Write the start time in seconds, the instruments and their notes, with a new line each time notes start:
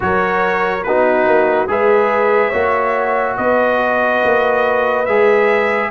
0.00 tuba F#3, trombone F#4, horn A#4, trumpet C#5
0.83 tuba B3, trombone D#4, horn F#4, trumpet B4
1.27 tuba A#3
1.67 tuba G#3, trombone G#4, horn B4, trumpet E5
2.49 tuba A#3, trombone F#4, horn C#5
3.36 tuba B3, horn B4, trumpet D#5
4.24 tuba A#3
5.05 tuba G#3, trombone G#4, trumpet E5